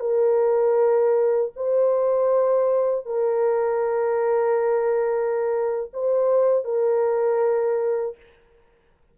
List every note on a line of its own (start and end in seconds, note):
0.00 1.52 A#4
1.56 3.05 C5
3.05 5.90 A#4
5.93 6.64 C5
6.64 8.16 A#4